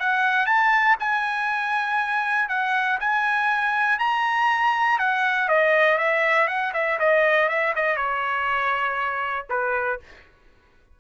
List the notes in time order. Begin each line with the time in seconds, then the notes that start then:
0.00 F#5
0.46 A5
1.00 G#5
2.49 F#5
3.00 G#5
3.99 A#5
4.99 F#5
5.49 D#5
5.98 E5
6.48 F#5
6.74 E5
7.00 D#5
7.49 E5
7.76 D#5
7.97 C#5
9.50 B4